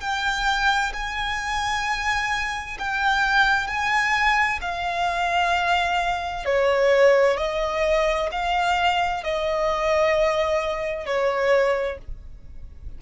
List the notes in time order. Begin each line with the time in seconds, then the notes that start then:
0.00 G5
0.93 G#5
2.79 G5
3.67 G#5
4.61 F5
6.45 C#5
7.37 D#5
8.32 F5
9.23 D#5
11.06 C#5